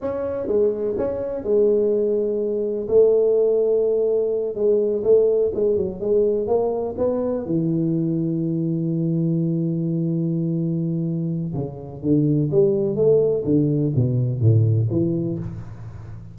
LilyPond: \new Staff \with { instrumentName = "tuba" } { \time 4/4 \tempo 4 = 125 cis'4 gis4 cis'4 gis4~ | gis2 a2~ | a4. gis4 a4 gis8 | fis8 gis4 ais4 b4 e8~ |
e1~ | e1 | cis4 d4 g4 a4 | d4 b,4 a,4 e4 | }